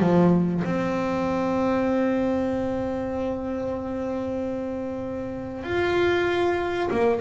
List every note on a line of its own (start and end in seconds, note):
0.00 0.62 F3
0.64 5.64 C4
5.64 6.89 F4
6.91 7.20 A#3